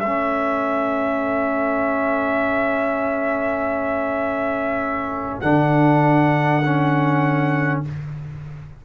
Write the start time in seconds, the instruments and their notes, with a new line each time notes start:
0.00 tuba A3, horn A4, trumpet E5
0.06 trombone C#4
5.41 tuba D3, trombone D4, trumpet F#5
6.66 trombone C#4